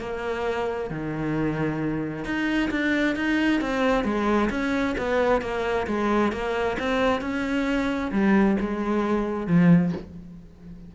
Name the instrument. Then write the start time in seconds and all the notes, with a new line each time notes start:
cello
0.00 A#3
0.90 D#3
2.25 D#4
2.71 D4
3.16 D#4
3.61 C4
4.04 G#3
4.50 C#4
4.98 B3
5.42 A#3
5.87 G#3
6.32 A#3
6.79 C4
7.21 C#4
8.12 G3
8.60 G#3
9.47 F3